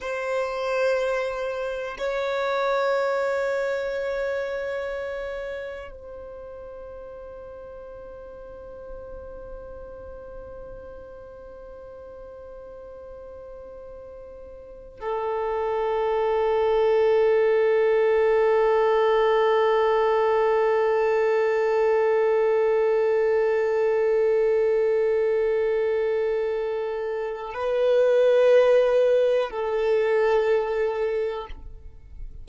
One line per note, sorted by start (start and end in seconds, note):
0.00 1.97 C5
1.98 5.91 C#5
5.91 15.00 C5
15.00 27.54 A4
27.54 29.50 B4
29.50 31.47 A4